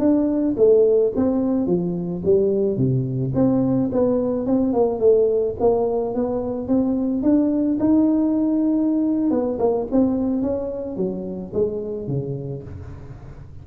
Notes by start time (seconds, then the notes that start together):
0.00 D4
0.57 A3
1.16 C4
1.67 F3
2.25 G3
2.77 C3
3.35 C4
3.93 B3
4.47 C4
4.73 A#3
5.00 A3
5.60 A#3
6.15 B3
6.68 C4
7.23 D4
7.80 D#4
9.31 B3
9.60 A#3
9.92 C4
10.43 C#4
10.97 F#3
11.54 G#3
12.08 C#3